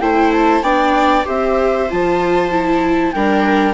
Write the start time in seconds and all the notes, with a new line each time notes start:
0.00 A3 E4 C5 G5
0.32 A5
0.62 B3 D4 D5 G5
1.24 C4 G4 C5 E5
1.90 F3 F4 A5
2.51 E4
3.12 G3 D4 A#4 G5